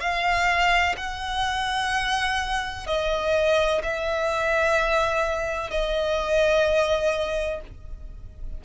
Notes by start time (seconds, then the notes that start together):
0.00 F5
0.97 F#5
2.87 D#5
3.83 E5
5.70 D#5